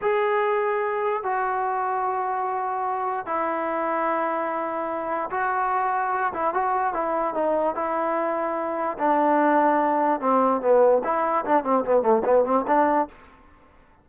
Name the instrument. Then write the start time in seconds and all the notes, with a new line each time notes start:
trombone
0.01 G#4
1.23 F#4
3.26 E4
5.30 F#4
6.33 E4
6.54 F#4
6.93 E4
7.34 D#4
7.75 E4
8.98 D4
10.20 C4
10.61 B3
11.04 E4
11.45 D4
11.63 C4
11.84 B3
12.01 A3
12.24 B3
12.44 C4
12.67 D4